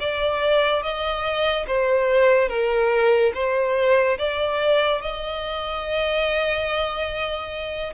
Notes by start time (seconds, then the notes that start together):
0.00 D5
0.83 D#5
1.68 C5
2.49 A#4
3.35 C5
4.19 D5
5.02 D#5